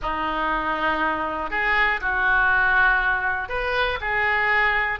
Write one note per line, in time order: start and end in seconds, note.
0.02 1.50 D#4
1.50 2.00 G#4
2.00 3.49 F#4
3.49 3.99 B4
4.00 4.99 G#4